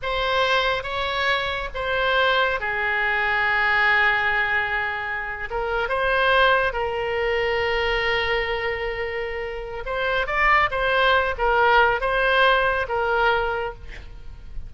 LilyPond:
\new Staff \with { instrumentName = "oboe" } { \time 4/4 \tempo 4 = 140 c''2 cis''2 | c''2 gis'2~ | gis'1~ | gis'8. ais'4 c''2 ais'16~ |
ais'1~ | ais'2. c''4 | d''4 c''4. ais'4. | c''2 ais'2 | }